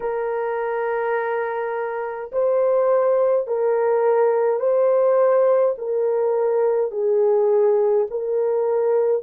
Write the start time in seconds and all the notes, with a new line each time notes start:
0.00 A#4
2.32 C5
3.47 A#4
4.59 C5
5.77 A#4
6.91 G#4
8.10 A#4